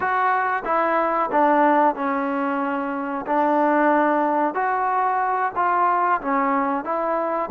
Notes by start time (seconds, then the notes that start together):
0.00 F#4
0.64 E4
1.31 D4
1.95 C#4
3.26 D4
4.54 F#4
5.55 F4
6.21 C#4
6.84 E4